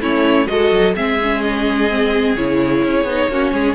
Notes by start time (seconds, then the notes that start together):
0.00 A3 C#4 E4 C#5
0.47 G#3 F#4 A4 D#5
0.71 F#3
0.95 G#3 C4 G#4 E5
1.22 C#4
1.41 D#5
1.90 C4
2.36 C#3 E4 C#5
2.83 C#4
3.04 B3 D#4
3.28 A#3 C#4 F#4
3.52 G#3 G#4